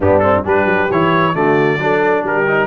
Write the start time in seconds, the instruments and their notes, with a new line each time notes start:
0.00 tuba G2, trombone B3, horn D4, trumpet G4
0.19 trombone C4, trumpet A4
0.44 tuba G3, trombone D4, horn G4, trumpet B4
0.65 tuba F#3
0.91 tuba E3, trombone E4, trumpet C#5
1.34 tuba D3, trombone A3, horn F#4, trumpet D5
1.78 tuba F#3, trombone D4, horn A4
2.23 tuba G3, horn G4, trumpet A#4
2.46 trombone D#4